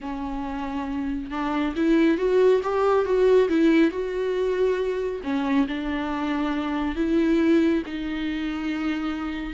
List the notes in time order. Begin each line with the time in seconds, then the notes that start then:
0.01 C#4
1.30 D4
1.75 E4
2.17 F#4
2.63 G4
3.05 F#4
3.49 E4
3.90 F#4
5.23 C#4
5.67 D4
6.95 E4
7.86 D#4